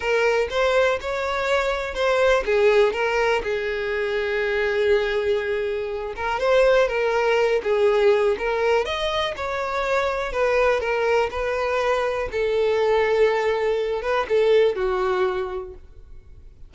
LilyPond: \new Staff \with { instrumentName = "violin" } { \time 4/4 \tempo 4 = 122 ais'4 c''4 cis''2 | c''4 gis'4 ais'4 gis'4~ | gis'1~ | gis'8 ais'8 c''4 ais'4. gis'8~ |
gis'4 ais'4 dis''4 cis''4~ | cis''4 b'4 ais'4 b'4~ | b'4 a'2.~ | a'8 b'8 a'4 fis'2 | }